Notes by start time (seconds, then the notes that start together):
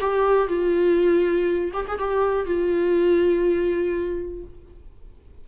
0.00 G4
0.48 F4
1.73 G4
1.88 G#4
1.98 G4
2.45 F4